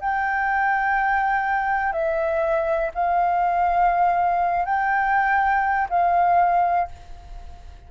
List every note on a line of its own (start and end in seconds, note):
0.00 1.92 G5
1.92 2.91 E5
2.94 4.65 F5
4.65 5.88 G5
5.89 6.88 F5